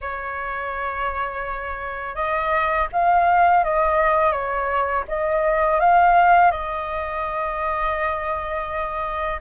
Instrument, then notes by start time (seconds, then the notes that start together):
flute
0.01 C#5
2.15 D#5
2.92 F5
3.63 D#5
4.31 C#5
5.08 D#5
5.80 F5
6.51 D#5